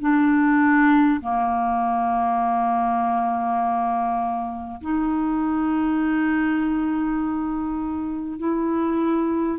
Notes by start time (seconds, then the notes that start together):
0.00 D4
1.21 A#3
4.81 D#4
8.38 E4